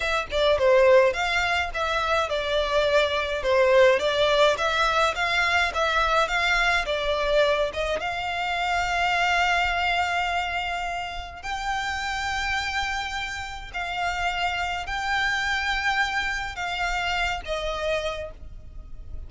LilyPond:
\new Staff \with { instrumentName = "violin" } { \time 4/4 \tempo 4 = 105 e''8 d''8 c''4 f''4 e''4 | d''2 c''4 d''4 | e''4 f''4 e''4 f''4 | d''4. dis''8 f''2~ |
f''1 | g''1 | f''2 g''2~ | g''4 f''4. dis''4. | }